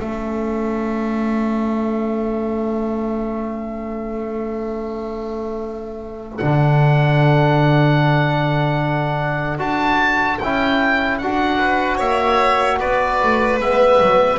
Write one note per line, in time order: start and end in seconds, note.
0.00 6.40 A3
0.00 6.41 C#4
0.00 11.59 A4
0.00 6.38 E5
6.38 9.59 D3
6.38 9.59 D4
6.38 9.58 F#5
9.59 10.39 D4
9.59 10.39 F#4
9.59 10.39 A5
10.39 11.21 C#4
10.39 11.23 E4
10.39 11.19 G5
11.19 12.00 D4
11.19 13.60 F#4
11.19 11.99 F#5
11.59 11.98 B4
11.98 12.80 A#3
11.98 12.78 C#5
11.98 12.80 E5
12.80 13.22 B3
12.80 14.39 B4
12.80 13.60 D5
13.23 13.60 A3
13.60 14.00 G#3
13.60 14.39 B3
13.60 14.39 E5
14.02 14.39 F#3